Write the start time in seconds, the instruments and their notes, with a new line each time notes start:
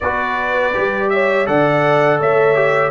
0.00 tuba B3, trombone F#4, horn B4, trumpet D5
0.73 tuba G3, trombone G4
1.09 horn C#5, trumpet E5
1.45 tuba D3, trombone A4, horn D5, trumpet F#5
2.19 tuba A3, horn C#5, trumpet E5
2.54 trombone G4